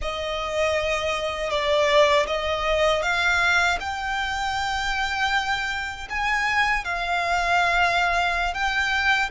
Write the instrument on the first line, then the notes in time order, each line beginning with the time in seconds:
violin
0.01 D#5
1.50 D5
2.26 D#5
3.02 F5
3.80 G5
6.09 G#5
6.84 F5
8.54 G5